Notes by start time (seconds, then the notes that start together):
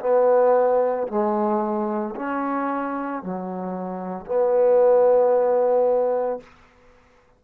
0.00 B3
1.07 G#3
2.15 C#4
3.22 F#3
4.26 B3